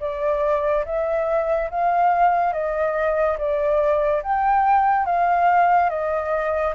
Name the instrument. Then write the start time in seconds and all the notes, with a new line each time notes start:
flute
0.00 D5
0.85 E5
1.71 F5
2.53 D#5
3.38 D5
4.23 G5
5.06 F5
5.90 D#5